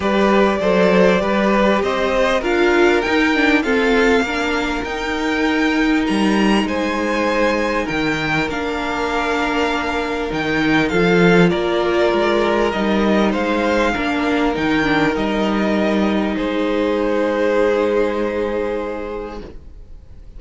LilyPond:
<<
  \new Staff \with { instrumentName = "violin" } { \time 4/4 \tempo 4 = 99 d''2. dis''4 | f''4 g''4 f''2 | g''2 ais''4 gis''4~ | gis''4 g''4 f''2~ |
f''4 g''4 f''4 d''4~ | d''4 dis''4 f''2 | g''4 dis''2 c''4~ | c''1 | }
  \new Staff \with { instrumentName = "violin" } { \time 4/4 b'4 c''4 b'4 c''4 | ais'2 a'4 ais'4~ | ais'2. c''4~ | c''4 ais'2.~ |
ais'2 a'4 ais'4~ | ais'2 c''4 ais'4~ | ais'2. gis'4~ | gis'1 | }
  \new Staff \with { instrumentName = "viola" } { \time 4/4 g'4 a'4 g'2 | f'4 dis'8 d'8 c'4 d'4 | dis'1~ | dis'2 d'2~ |
d'4 dis'4 f'2~ | f'4 dis'2 d'4 | dis'8 d'8 dis'2.~ | dis'1 | }
  \new Staff \with { instrumentName = "cello" } { \time 4/4 g4 fis4 g4 c'4 | d'4 dis'4 f'4 ais4 | dis'2 g4 gis4~ | gis4 dis4 ais2~ |
ais4 dis4 f4 ais4 | gis4 g4 gis4 ais4 | dis4 g2 gis4~ | gis1 | }
>>